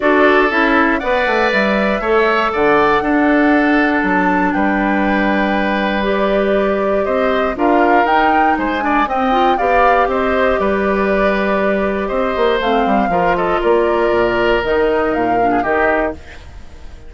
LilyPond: <<
  \new Staff \with { instrumentName = "flute" } { \time 4/4 \tempo 4 = 119 d''4 e''4 fis''4 e''4~ | e''4 fis''2. | a''4 g''2. | d''2 dis''4 f''4 |
g''4 gis''4 g''4 f''4 | dis''4 d''2. | dis''4 f''4. dis''8 d''4~ | d''4 dis''4 f''4 dis''4 | }
  \new Staff \with { instrumentName = "oboe" } { \time 4/4 a'2 d''2 | cis''4 d''4 a'2~ | a'4 b'2.~ | b'2 c''4 ais'4~ |
ais'4 c''8 d''8 dis''4 d''4 | c''4 b'2. | c''2 ais'8 a'8 ais'4~ | ais'2~ ais'8. gis'16 g'4 | }
  \new Staff \with { instrumentName = "clarinet" } { \time 4/4 fis'4 e'4 b'2 | a'2 d'2~ | d'1 | g'2. f'4 |
dis'4. d'8 c'8 f'8 g'4~ | g'1~ | g'4 c'4 f'2~ | f'4 dis'4. d'8 dis'4 | }
  \new Staff \with { instrumentName = "bassoon" } { \time 4/4 d'4 cis'4 b8 a8 g4 | a4 d4 d'2 | fis4 g2.~ | g2 c'4 d'4 |
dis'4 gis4 c'4 b4 | c'4 g2. | c'8 ais8 a8 g8 f4 ais4 | ais,4 dis4 ais,4 dis4 | }
>>